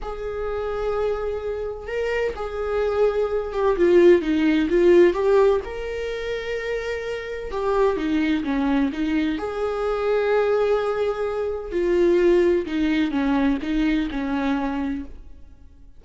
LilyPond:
\new Staff \with { instrumentName = "viola" } { \time 4/4 \tempo 4 = 128 gis'1 | ais'4 gis'2~ gis'8 g'8 | f'4 dis'4 f'4 g'4 | ais'1 |
g'4 dis'4 cis'4 dis'4 | gis'1~ | gis'4 f'2 dis'4 | cis'4 dis'4 cis'2 | }